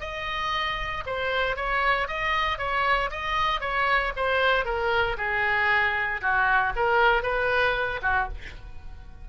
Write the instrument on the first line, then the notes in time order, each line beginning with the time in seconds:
oboe
0.00 D#5
1.06 C5
1.56 C#5
2.08 D#5
2.58 C#5
3.10 D#5
3.60 C#5
4.16 C5
4.65 A#4
5.17 G#4
6.21 F#4
6.75 A#4
7.22 B4
8.02 F#4